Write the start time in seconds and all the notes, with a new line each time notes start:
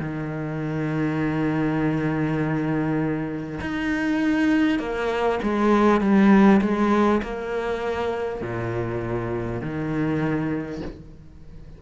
0.00 D#3
3.61 D#4
4.79 A#3
5.43 G#3
6.01 G3
6.62 G#3
7.23 A#3
8.41 A#2
9.62 D#3